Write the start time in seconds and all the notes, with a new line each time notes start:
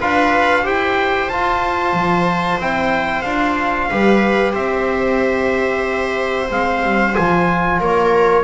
0.00 D4 F4 B4 F5
0.63 E4 G4 C5 G5
1.29 F4 A5
1.93 F3
2.58 C4 E4 G5
3.22 D4 F4 F5
3.90 G3 G4 B4
4.53 C4 C5 E5
6.48 G#3 C4 F5
6.83 G3
7.13 F3 F4 G#5
7.80 A#3 A#4 C#5